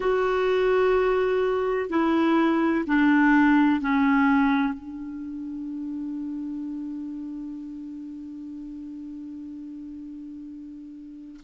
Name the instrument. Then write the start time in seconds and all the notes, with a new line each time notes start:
clarinet
0.00 F#4
1.89 E4
2.86 D4
3.81 C#4
4.73 D4